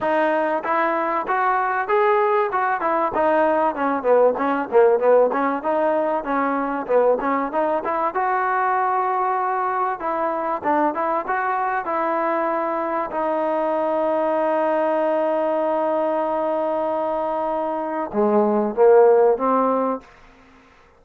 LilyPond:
\new Staff \with { instrumentName = "trombone" } { \time 4/4 \tempo 4 = 96 dis'4 e'4 fis'4 gis'4 | fis'8 e'8 dis'4 cis'8 b8 cis'8 ais8 | b8 cis'8 dis'4 cis'4 b8 cis'8 | dis'8 e'8 fis'2. |
e'4 d'8 e'8 fis'4 e'4~ | e'4 dis'2.~ | dis'1~ | dis'4 gis4 ais4 c'4 | }